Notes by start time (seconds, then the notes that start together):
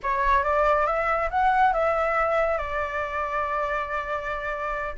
0.02 C#5
0.43 D5
0.86 E5
1.30 F#5
1.73 E5
2.57 D5